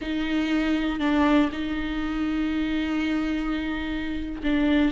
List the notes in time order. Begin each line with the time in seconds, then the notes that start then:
0.01 D#4
0.99 D4
1.51 D#4
4.43 D4